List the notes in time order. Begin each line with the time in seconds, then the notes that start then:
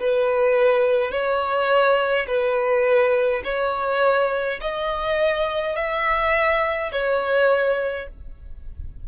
0.00 B4
1.12 C#5
2.28 B4
3.45 C#5
4.61 D#5
5.76 E5
6.92 C#5